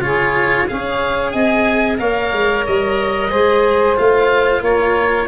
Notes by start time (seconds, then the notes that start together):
0.00 C#3 F4 G#4 C#5
0.67 C#4 G#4 C#5 F5
1.31 C4 D#5 G#5
1.98 A#3 A#4 C#5 F5
2.32 G#3
2.66 G3 D#5
3.30 G#3 G#4 C5
3.96 A3 F4 F5
4.61 A#3 A#4 C#5